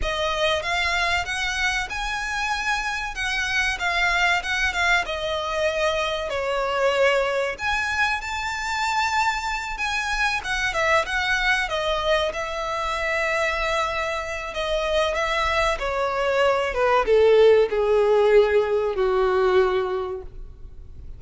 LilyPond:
\new Staff \with { instrumentName = "violin" } { \time 4/4 \tempo 4 = 95 dis''4 f''4 fis''4 gis''4~ | gis''4 fis''4 f''4 fis''8 f''8 | dis''2 cis''2 | gis''4 a''2~ a''8 gis''8~ |
gis''8 fis''8 e''8 fis''4 dis''4 e''8~ | e''2. dis''4 | e''4 cis''4. b'8 a'4 | gis'2 fis'2 | }